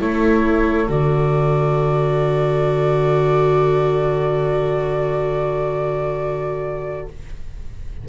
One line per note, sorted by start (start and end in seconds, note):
0.00 0.89 A3
0.00 0.88 E4
0.00 7.09 A4
0.00 0.90 C#5
0.89 7.06 D3
0.89 7.06 F#4
0.89 7.08 D5